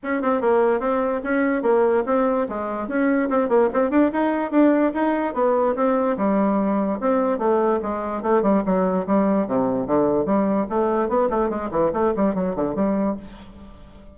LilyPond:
\new Staff \with { instrumentName = "bassoon" } { \time 4/4 \tempo 4 = 146 cis'8 c'8 ais4 c'4 cis'4 | ais4 c'4 gis4 cis'4 | c'8 ais8 c'8 d'8 dis'4 d'4 | dis'4 b4 c'4 g4~ |
g4 c'4 a4 gis4 | a8 g8 fis4 g4 c4 | d4 g4 a4 b8 a8 | gis8 e8 a8 g8 fis8 d8 g4 | }